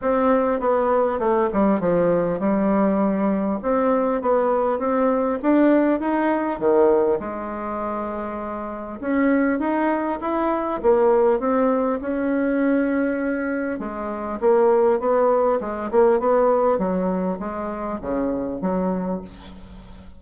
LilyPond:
\new Staff \with { instrumentName = "bassoon" } { \time 4/4 \tempo 4 = 100 c'4 b4 a8 g8 f4 | g2 c'4 b4 | c'4 d'4 dis'4 dis4 | gis2. cis'4 |
dis'4 e'4 ais4 c'4 | cis'2. gis4 | ais4 b4 gis8 ais8 b4 | fis4 gis4 cis4 fis4 | }